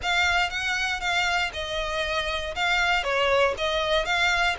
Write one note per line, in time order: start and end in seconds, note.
0.02 0.50 F5
0.50 1.00 F#5
1.00 1.51 F5
1.53 2.54 D#5
2.55 3.03 F5
3.03 3.54 C#5
3.57 4.05 D#5
4.05 4.56 F5